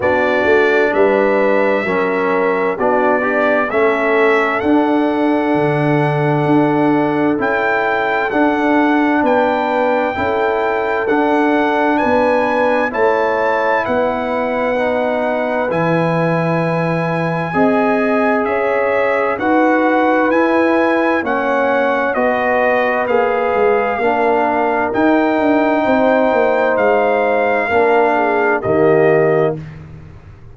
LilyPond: <<
  \new Staff \with { instrumentName = "trumpet" } { \time 4/4 \tempo 4 = 65 d''4 e''2 d''4 | e''4 fis''2. | g''4 fis''4 g''2 | fis''4 gis''4 a''4 fis''4~ |
fis''4 gis''2. | e''4 fis''4 gis''4 fis''4 | dis''4 f''2 g''4~ | g''4 f''2 dis''4 | }
  \new Staff \with { instrumentName = "horn" } { \time 4/4 fis'4 b'4 ais'4 fis'8 d'8 | a'1~ | a'2 b'4 a'4~ | a'4 b'4 cis''4 b'4~ |
b'2. dis''4 | cis''4 b'2 cis''4 | b'2 ais'2 | c''2 ais'8 gis'8 g'4 | }
  \new Staff \with { instrumentName = "trombone" } { \time 4/4 d'2 cis'4 d'8 g'8 | cis'4 d'2. | e'4 d'2 e'4 | d'2 e'2 |
dis'4 e'2 gis'4~ | gis'4 fis'4 e'4 cis'4 | fis'4 gis'4 d'4 dis'4~ | dis'2 d'4 ais4 | }
  \new Staff \with { instrumentName = "tuba" } { \time 4/4 b8 a8 g4 fis4 b4 | a4 d'4 d4 d'4 | cis'4 d'4 b4 cis'4 | d'4 b4 a4 b4~ |
b4 e2 c'4 | cis'4 dis'4 e'4 ais4 | b4 ais8 gis8 ais4 dis'8 d'8 | c'8 ais8 gis4 ais4 dis4 | }
>>